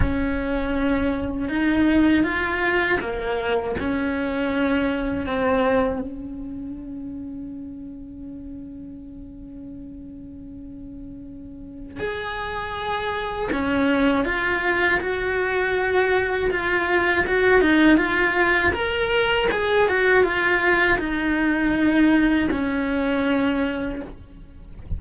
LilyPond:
\new Staff \with { instrumentName = "cello" } { \time 4/4 \tempo 4 = 80 cis'2 dis'4 f'4 | ais4 cis'2 c'4 | cis'1~ | cis'1 |
gis'2 cis'4 f'4 | fis'2 f'4 fis'8 dis'8 | f'4 ais'4 gis'8 fis'8 f'4 | dis'2 cis'2 | }